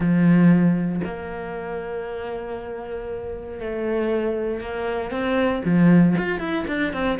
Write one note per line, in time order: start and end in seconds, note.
0.00 1.01 F3
1.04 3.60 A#3
3.60 4.60 A3
4.60 5.11 A#3
5.11 5.62 C4
5.64 6.16 F3
6.17 6.39 F4
6.39 6.65 E4
6.67 6.93 D4
6.93 7.19 C4